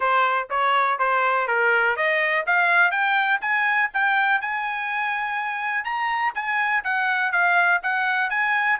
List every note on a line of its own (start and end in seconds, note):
0.00 0.48 C5
0.50 0.98 C#5
0.98 1.47 C5
1.47 1.96 A#4
1.96 2.45 D#5
2.46 2.91 F5
2.91 3.40 G5
3.41 3.90 G#5
3.93 4.41 G5
4.41 5.84 G#5
5.84 6.33 A#5
6.35 6.83 G#5
6.83 7.32 F#5
7.32 7.80 F5
7.82 8.29 F#5
8.29 8.78 G#5